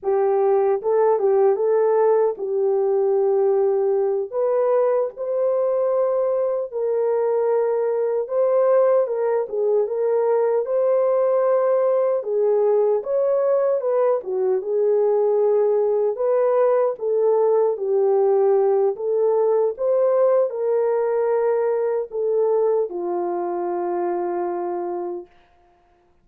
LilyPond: \new Staff \with { instrumentName = "horn" } { \time 4/4 \tempo 4 = 76 g'4 a'8 g'8 a'4 g'4~ | g'4. b'4 c''4.~ | c''8 ais'2 c''4 ais'8 | gis'8 ais'4 c''2 gis'8~ |
gis'8 cis''4 b'8 fis'8 gis'4.~ | gis'8 b'4 a'4 g'4. | a'4 c''4 ais'2 | a'4 f'2. | }